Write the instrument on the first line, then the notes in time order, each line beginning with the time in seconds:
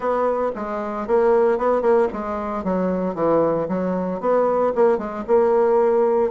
bassoon
0.00 B3
0.55 G#3
1.07 A#3
1.57 B3
1.81 A#3
2.12 G#3
2.64 F#3
3.15 E3
3.68 F#3
4.20 B3
4.75 A#3
4.98 G#3
5.27 A#3